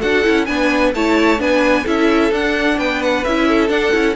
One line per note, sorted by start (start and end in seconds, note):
0.00 0.26 D4
0.00 0.24 F#4
0.00 0.46 A4
0.00 0.46 F#5
0.24 0.48 C#4
0.24 0.47 E4
0.46 0.94 B3
0.46 0.93 D4
0.46 0.95 B4
0.46 0.92 G#5
0.95 1.40 A3
0.95 1.38 E4
0.95 1.41 C#5
0.95 1.41 A5
1.38 1.86 B3
1.38 1.84 D4
1.38 1.84 B4
1.38 1.87 G#5
1.84 2.32 C#4
1.84 2.32 E4
1.84 2.76 A4
1.84 2.33 E5
2.32 2.78 D4
2.32 3.25 D4
2.32 2.79 F#5
2.78 3.25 B3
2.78 3.48 B4
2.78 3.02 G5
3.03 3.25 F#5
3.25 3.70 C#4
3.25 3.69 E4
3.25 3.69 E5
3.48 4.16 A4
3.69 3.92 D4
3.69 3.93 D4
3.69 4.15 F#5
3.92 4.16 C#4
3.92 4.15 E4